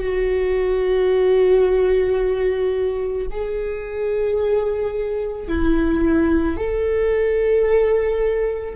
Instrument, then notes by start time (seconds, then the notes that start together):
viola
0.00 F#4
3.31 G#4
5.48 E4
6.57 A4